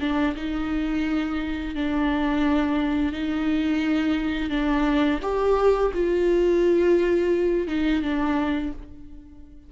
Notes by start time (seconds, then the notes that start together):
0.00 D4
0.36 D#4
1.75 D4
3.13 D#4
4.50 D4
5.22 G4
5.94 F4
7.67 D#4
8.02 D4